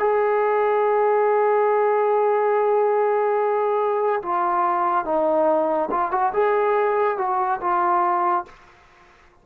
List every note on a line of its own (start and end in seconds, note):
0.00 4.23 G#4
4.23 5.05 F4
5.05 5.90 D#4
5.92 6.12 F4
6.12 6.33 F#4
6.33 7.18 G#4
7.18 7.61 F#4
7.61 8.45 F4